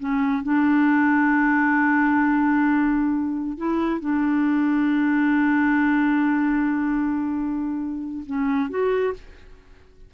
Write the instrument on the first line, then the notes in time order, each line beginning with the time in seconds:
clarinet
0.00 C#4
0.43 D4
3.58 E4
4.00 D4
8.26 C#4
8.70 F#4